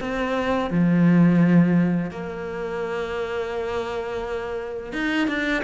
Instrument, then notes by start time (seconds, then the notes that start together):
cello
0.00 C4
0.71 F3
2.11 A#3
4.93 D#4
5.27 D4